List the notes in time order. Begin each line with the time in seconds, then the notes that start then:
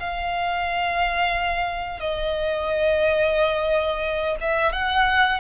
0.00 F5
2.00 D#5
4.41 E5
4.73 F#5